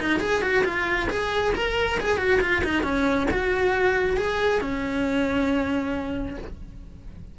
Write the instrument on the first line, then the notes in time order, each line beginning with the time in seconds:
cello
0.00 D#4
0.20 G#4
0.42 F#4
0.65 F4
1.10 G#4
1.55 A#4
2.01 G#4
2.18 F#4
2.41 F4
2.64 D#4
2.84 C#4
3.31 F#4
4.17 G#4
4.61 C#4